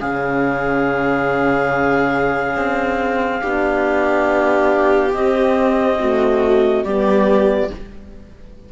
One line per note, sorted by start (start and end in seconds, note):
0.00 2.56 C#3
0.00 3.41 C#4
0.00 3.41 G#4
0.00 5.14 F5
2.56 3.42 C4
3.41 5.14 B3
3.41 5.13 D4
3.41 5.99 G4
5.14 5.99 C4
5.14 6.84 C4
5.14 6.84 D#5
5.99 6.86 A3
5.99 6.84 F#4
6.84 7.70 G3
6.84 7.72 B3
6.84 7.70 G4
6.84 7.70 D5